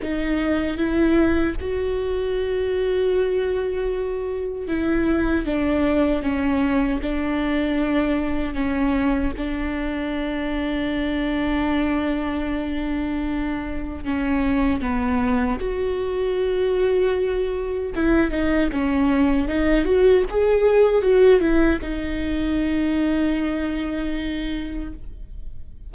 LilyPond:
\new Staff \with { instrumentName = "viola" } { \time 4/4 \tempo 4 = 77 dis'4 e'4 fis'2~ | fis'2 e'4 d'4 | cis'4 d'2 cis'4 | d'1~ |
d'2 cis'4 b4 | fis'2. e'8 dis'8 | cis'4 dis'8 fis'8 gis'4 fis'8 e'8 | dis'1 | }